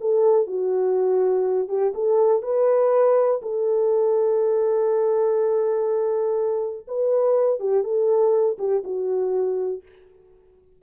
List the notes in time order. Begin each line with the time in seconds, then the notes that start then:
0.00 A4
0.46 F#4
1.68 G4
1.94 A4
2.42 B4
3.42 A4
6.87 B4
7.59 G4
7.83 A4
8.58 G4
8.84 F#4